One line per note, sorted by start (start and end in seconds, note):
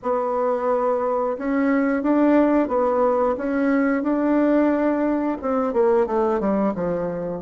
0.02 1.37 B3
1.38 2.02 C#4
2.02 2.68 D4
2.68 3.35 B3
3.37 4.03 C#4
4.03 5.37 D4
5.41 5.73 C4
5.73 6.06 A#3
6.06 6.40 A3
6.40 6.73 G3
6.74 7.41 F3